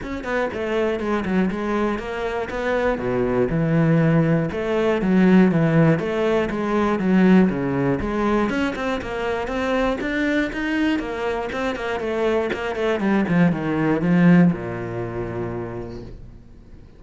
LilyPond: \new Staff \with { instrumentName = "cello" } { \time 4/4 \tempo 4 = 120 cis'8 b8 a4 gis8 fis8 gis4 | ais4 b4 b,4 e4~ | e4 a4 fis4 e4 | a4 gis4 fis4 cis4 |
gis4 cis'8 c'8 ais4 c'4 | d'4 dis'4 ais4 c'8 ais8 | a4 ais8 a8 g8 f8 dis4 | f4 ais,2. | }